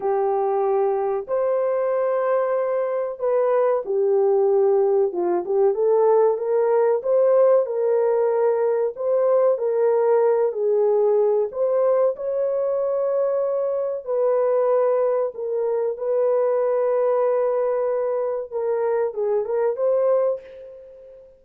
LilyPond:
\new Staff \with { instrumentName = "horn" } { \time 4/4 \tempo 4 = 94 g'2 c''2~ | c''4 b'4 g'2 | f'8 g'8 a'4 ais'4 c''4 | ais'2 c''4 ais'4~ |
ais'8 gis'4. c''4 cis''4~ | cis''2 b'2 | ais'4 b'2.~ | b'4 ais'4 gis'8 ais'8 c''4 | }